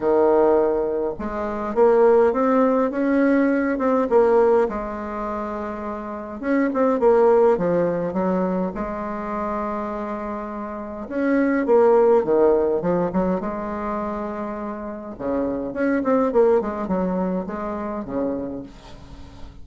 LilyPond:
\new Staff \with { instrumentName = "bassoon" } { \time 4/4 \tempo 4 = 103 dis2 gis4 ais4 | c'4 cis'4. c'8 ais4 | gis2. cis'8 c'8 | ais4 f4 fis4 gis4~ |
gis2. cis'4 | ais4 dis4 f8 fis8 gis4~ | gis2 cis4 cis'8 c'8 | ais8 gis8 fis4 gis4 cis4 | }